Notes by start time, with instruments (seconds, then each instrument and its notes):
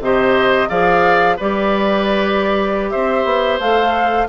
0.00 bassoon C3, clarinet G4, oboe C5, flute D#5
0.68 bassoon F3, clarinet G#4, oboe D5, flute F5
1.37 bassoon G3, clarinet G4, oboe B4, flute D5
2.90 bassoon C4, oboe C5, flute E5
3.24 bassoon B3
3.59 bassoon A3, clarinet A4, flute F5